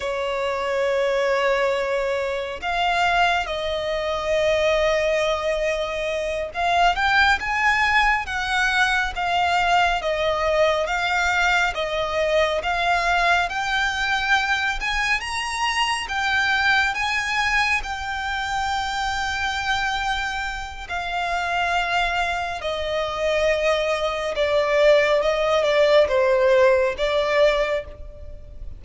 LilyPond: \new Staff \with { instrumentName = "violin" } { \time 4/4 \tempo 4 = 69 cis''2. f''4 | dis''2.~ dis''8 f''8 | g''8 gis''4 fis''4 f''4 dis''8~ | dis''8 f''4 dis''4 f''4 g''8~ |
g''4 gis''8 ais''4 g''4 gis''8~ | gis''8 g''2.~ g''8 | f''2 dis''2 | d''4 dis''8 d''8 c''4 d''4 | }